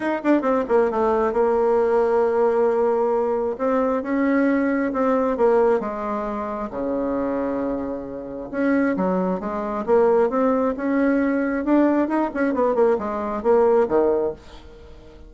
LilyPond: \new Staff \with { instrumentName = "bassoon" } { \time 4/4 \tempo 4 = 134 dis'8 d'8 c'8 ais8 a4 ais4~ | ais1 | c'4 cis'2 c'4 | ais4 gis2 cis4~ |
cis2. cis'4 | fis4 gis4 ais4 c'4 | cis'2 d'4 dis'8 cis'8 | b8 ais8 gis4 ais4 dis4 | }